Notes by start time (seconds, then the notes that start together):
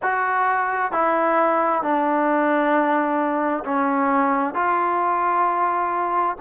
0.02 F#4
0.92 E4
1.82 D4
3.64 C#4
4.54 F4